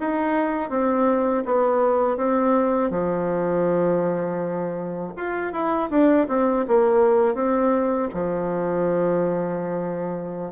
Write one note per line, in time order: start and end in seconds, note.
0.00 0.70 D#4
0.70 1.44 C4
1.45 2.17 B3
2.17 2.91 C4
2.91 5.13 F3
5.17 5.53 F4
5.53 5.90 E4
5.90 6.27 D4
6.29 6.66 C4
6.68 7.35 A#3
7.35 8.09 C4
8.14 10.52 F3